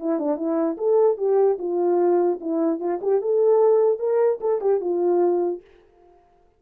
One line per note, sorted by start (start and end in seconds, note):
0.00 0.19 E4
0.19 0.37 D4
0.37 0.77 E4
0.77 1.18 A4
1.18 1.58 G4
1.59 2.39 F4
2.41 2.80 E4
2.80 3.00 F4
3.01 3.22 G4
3.22 3.99 A4
3.99 4.39 A#4
4.41 4.61 A4
4.61 4.81 G4
4.81 5.61 F4